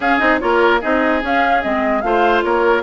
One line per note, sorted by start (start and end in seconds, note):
0.00 0.19 C#4
0.00 0.39 G#4
0.00 0.18 F5
0.18 0.41 C4
0.18 0.39 D#4
0.18 0.39 D#5
0.39 0.83 A#3
0.39 0.80 F4
0.39 0.80 A#4
0.39 0.80 C#5
0.80 1.22 C4
0.80 1.21 D#4
0.80 2.02 G#4
0.80 1.22 D#5
1.21 1.62 C#4
1.21 1.63 C#4
1.21 1.62 F5
1.62 2.03 G#3
1.62 2.02 C4
1.62 2.01 D#5
2.01 2.43 A3
2.01 2.82 F4
2.01 2.44 C5
2.01 2.41 F5
2.42 2.82 A#3
2.42 2.82 A#4
2.42 2.82 C#5